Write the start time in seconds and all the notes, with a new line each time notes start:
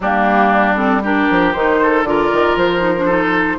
0.00 G3 A#3 D4 G4
0.76 C4 A4
1.02 D4 G4 A#4
1.30 F3
1.52 D#3 D#4 C5
1.82 A4
2.03 D3 F4 A#4 D5
2.32 D#3
2.56 F3 C5
2.80 D#4
2.97 D4
3.05 D#4 A4